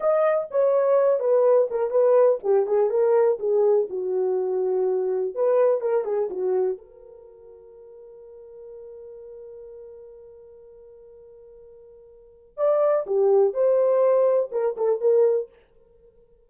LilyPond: \new Staff \with { instrumentName = "horn" } { \time 4/4 \tempo 4 = 124 dis''4 cis''4. b'4 ais'8 | b'4 g'8 gis'8 ais'4 gis'4 | fis'2. b'4 | ais'8 gis'8 fis'4 ais'2~ |
ais'1~ | ais'1~ | ais'2 d''4 g'4 | c''2 ais'8 a'8 ais'4 | }